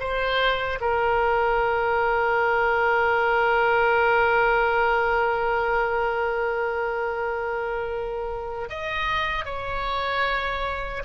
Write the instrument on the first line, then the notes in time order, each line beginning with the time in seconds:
oboe
0.00 C5
0.81 A#4
8.70 D#5
9.45 C#5